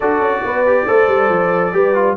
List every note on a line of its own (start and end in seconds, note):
0.00 0.19 D4
0.00 0.66 F#4
0.00 0.42 A4
0.00 2.16 D5
0.19 0.41 C#4
0.44 0.87 B3
0.44 0.87 B4
0.66 0.87 G4
0.87 1.07 A3
0.87 1.72 A4
0.87 1.74 C5
1.07 1.29 G3
1.29 1.72 F3
1.72 2.16 G3
1.72 1.94 G4
1.72 2.16 B4
1.94 2.16 F4